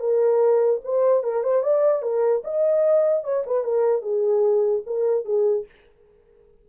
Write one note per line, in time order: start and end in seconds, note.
0.00 0.81 A#4
0.84 1.23 C5
1.23 1.43 A#4
1.43 1.63 C5
1.63 2.02 D5
2.02 2.43 A#4
2.44 3.24 D#5
3.24 3.44 C#5
3.46 3.64 B4
3.64 4.02 A#4
4.02 4.82 G#4
4.86 5.25 A#4
5.25 5.65 G#4